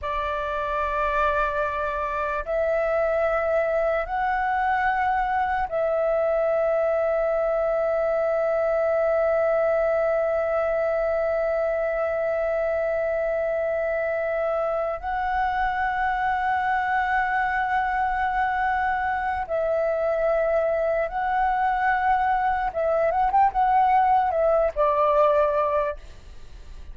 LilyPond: \new Staff \with { instrumentName = "flute" } { \time 4/4 \tempo 4 = 74 d''2. e''4~ | e''4 fis''2 e''4~ | e''1~ | e''1~ |
e''2~ e''8 fis''4.~ | fis''1 | e''2 fis''2 | e''8 fis''16 g''16 fis''4 e''8 d''4. | }